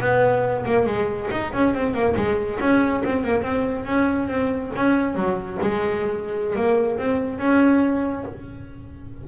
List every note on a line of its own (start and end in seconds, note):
0.00 0.64 B3
0.65 0.86 A#3
0.86 1.29 G#3
1.31 1.52 D#4
1.53 1.74 C#4
1.74 1.93 C4
1.93 2.15 A#3
2.16 2.59 G#3
2.60 3.03 C#4
3.04 3.24 C4
3.24 3.42 A#3
3.42 3.85 C4
3.85 4.28 C#4
4.28 4.71 C4
4.76 5.15 C#4
5.15 5.58 F#3
5.61 6.56 G#3
6.56 6.98 A#3
6.98 7.38 C4
7.38 8.24 C#4